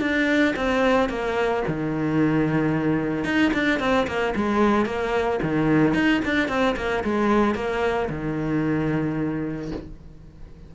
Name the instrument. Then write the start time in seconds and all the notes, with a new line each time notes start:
cello
0.00 D4
0.56 C4
1.09 A#3
1.67 D#3
3.24 D#4
3.53 D4
3.79 C4
4.07 A#3
4.35 G#3
4.85 A#3
5.42 D#3
5.93 D#4
6.24 D4
6.48 C4
6.76 A#3
7.03 G#3
7.55 A#3
8.09 D#3